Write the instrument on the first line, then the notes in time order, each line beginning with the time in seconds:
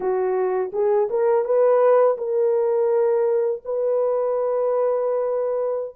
horn
0.00 F#4
0.72 G#4
1.10 A#4
1.44 B4
2.17 A#4
3.64 B4